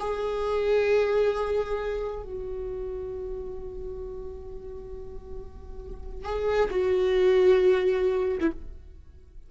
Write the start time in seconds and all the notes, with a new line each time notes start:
0.00 G#4
2.23 F#4
6.25 G#4
6.71 F#4
8.41 E4